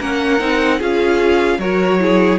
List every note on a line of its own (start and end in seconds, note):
0.00 0.41 A#3
0.00 0.39 C#4
0.00 0.78 A#4
0.00 0.81 F#5
0.39 0.81 C4
0.39 0.79 D#4
0.78 1.59 C#4
0.78 1.59 F4
0.78 1.58 G#4
0.78 1.60 F5
1.59 2.39 F#3
1.59 1.99 F#4
1.59 2.00 A#4
1.59 2.39 C#5
1.99 2.39 E4
1.99 2.39 G#4